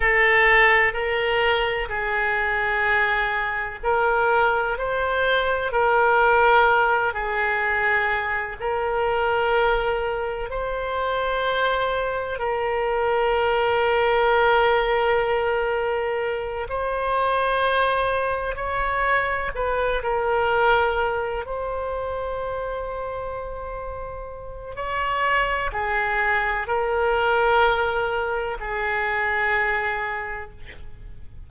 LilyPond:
\new Staff \with { instrumentName = "oboe" } { \time 4/4 \tempo 4 = 63 a'4 ais'4 gis'2 | ais'4 c''4 ais'4. gis'8~ | gis'4 ais'2 c''4~ | c''4 ais'2.~ |
ais'4. c''2 cis''8~ | cis''8 b'8 ais'4. c''4.~ | c''2 cis''4 gis'4 | ais'2 gis'2 | }